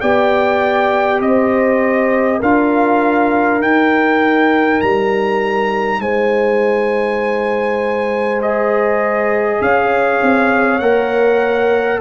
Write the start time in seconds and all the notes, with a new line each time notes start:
0.00 B3 G4 D5 G5
1.20 C4 C5 D#5
2.39 D4 F4 A#4 F5
3.61 D#4 G5
4.81 G3 A#5
5.99 G#3 C5 G#5
8.40 G#4 D#5
9.61 C#4 C#5 F5
10.22 C4
10.79 A#3 A#4 F#5